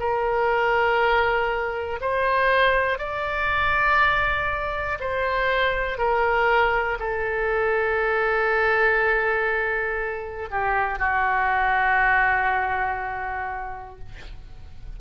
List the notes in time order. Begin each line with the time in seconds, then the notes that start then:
0.00 A#4
2.01 C5
2.99 D5
5.00 C5
5.98 A#4
6.99 A4
10.51 G4
10.99 F#4